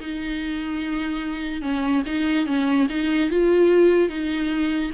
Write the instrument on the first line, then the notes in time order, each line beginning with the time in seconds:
viola
0.00 D#4
1.62 C#4
2.06 D#4
2.47 C#4
2.90 D#4
3.30 F4
4.09 D#4